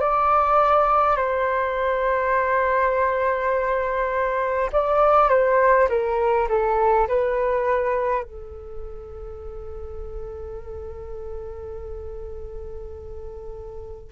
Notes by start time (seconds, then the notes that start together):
0.00 D5
1.17 C5
4.72 D5
5.29 C5
5.89 A#4
6.49 A4
7.07 B4
8.23 A4